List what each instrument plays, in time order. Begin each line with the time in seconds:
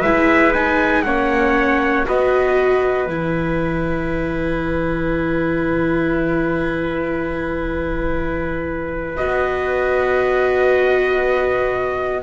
0.00 double bass G#3, viola E4, trumpet B4 E5
0.53 viola D#4, trumpet G#5
1.03 double bass A#3, viola C#4, trumpet C#5 F#5
2.06 double bass B3, viola F#4, trumpet B4 D#5
3.07 double bass E3, viola E4, trumpet G#5
9.17 double bass B3, viola F#4, trumpet D#5